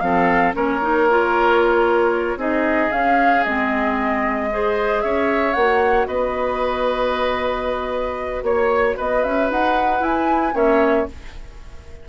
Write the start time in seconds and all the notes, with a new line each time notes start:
0.00 F3 C4 A4 F5
0.54 A#3 C#4 A#4 C#5
0.81 D#4
1.10 F4
2.36 C4 D#4 G#4 D#5
2.91 C#4 F5
3.44 G#3 C4 D#5
4.51 G#4 C5
5.01 C#4 C#5 E5
5.53 A#3 F#4 F#5
6.06 B3 B4 D#5
8.42 A#3 C#5
8.96 B3 B4 D#5
9.23 C#4 E5
9.50 D#4 F#5
10.00 E4 G#5
10.54 A#3 C#4 C#5 E5